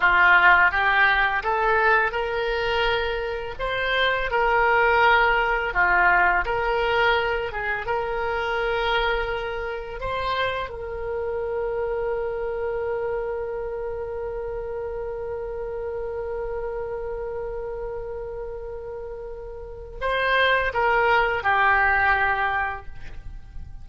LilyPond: \new Staff \with { instrumentName = "oboe" } { \time 4/4 \tempo 4 = 84 f'4 g'4 a'4 ais'4~ | ais'4 c''4 ais'2 | f'4 ais'4. gis'8 ais'4~ | ais'2 c''4 ais'4~ |
ais'1~ | ais'1~ | ais'1 | c''4 ais'4 g'2 | }